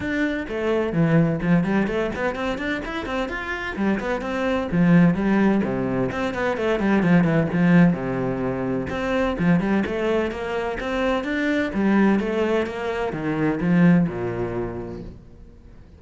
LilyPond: \new Staff \with { instrumentName = "cello" } { \time 4/4 \tempo 4 = 128 d'4 a4 e4 f8 g8 | a8 b8 c'8 d'8 e'8 c'8 f'4 | g8 b8 c'4 f4 g4 | c4 c'8 b8 a8 g8 f8 e8 |
f4 c2 c'4 | f8 g8 a4 ais4 c'4 | d'4 g4 a4 ais4 | dis4 f4 ais,2 | }